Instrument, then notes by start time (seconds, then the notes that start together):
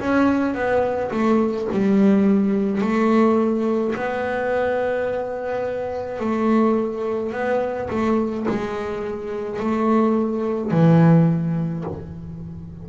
double bass
0.00 C#4
0.55 B3
1.12 A3
1.72 G3
2.81 A3
3.95 B3
6.20 A3
7.33 B3
7.90 A3
8.49 G#3
9.60 A3
10.71 E3